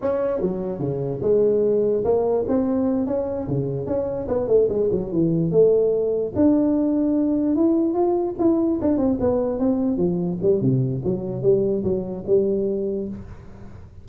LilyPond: \new Staff \with { instrumentName = "tuba" } { \time 4/4 \tempo 4 = 147 cis'4 fis4 cis4 gis4~ | gis4 ais4 c'4. cis'8~ | cis'8 cis4 cis'4 b8 a8 gis8 | fis8 e4 a2 d'8~ |
d'2~ d'8 e'4 f'8~ | f'8 e'4 d'8 c'8 b4 c'8~ | c'8 f4 g8 c4 fis4 | g4 fis4 g2 | }